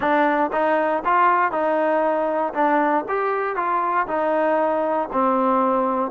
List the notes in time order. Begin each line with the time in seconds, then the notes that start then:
0.00 D4
0.52 D#4
1.04 F4
1.51 D#4
2.53 D4
3.08 G4
3.56 F4
4.07 D#4
5.12 C4